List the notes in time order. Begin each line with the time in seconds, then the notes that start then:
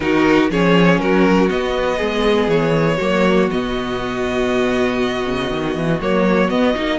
0.00 D#3 D#4 F#4 A#4
0.50 F3 C#4 G#4 C#5
0.99 F#3 F#4 A#4
1.49 B3 D#5
1.97 G#3 G#4
2.47 E3 C#5
2.97 F#3 A#3 F#4
3.49 B2 B3 D#5
5.26 C#3
5.50 D#3
5.75 E3
6.00 F#3 A#3 C#5
6.49 B3 D#5
6.75 A#3 D#4